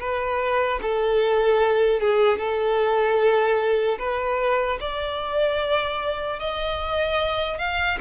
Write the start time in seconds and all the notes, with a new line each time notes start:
0.00 B4
0.82 A4
2.01 G#4
2.38 A4
3.99 B4
4.80 D5
6.40 D#5
7.59 F5